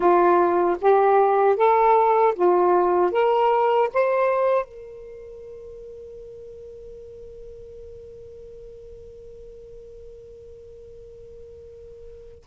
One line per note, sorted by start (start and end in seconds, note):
0.00 0.77 F4
0.81 1.56 G4
1.56 2.34 A4
2.35 3.11 F4
3.11 3.89 A#4
3.93 4.65 C5
4.65 12.44 A#4